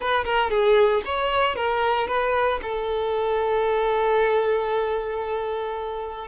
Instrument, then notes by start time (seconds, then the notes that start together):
violin
0.00 B4
0.24 A#4
0.50 G#4
1.05 C#5
1.55 A#4
2.07 B4
2.62 A4